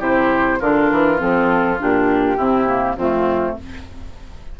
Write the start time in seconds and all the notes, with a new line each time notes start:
0.00 C3 E4 G4 C5
0.60 D3 D4 F4 A#4
0.92 E3
1.18 F3 C4 A4
1.79 A#2 D4 G4
2.37 C3 C4 E4
2.67 A#3
2.97 F2 A3 C4 F4